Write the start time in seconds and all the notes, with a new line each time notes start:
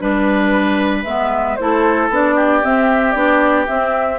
0.00 G3 D4 B4
1.03 G#3 B3 E5
1.56 A3 E4 A4 C5
2.09 B3 D4 D5
2.35 G4
2.63 C4 E5
3.11 B3 D4 D5
3.67 C4 E5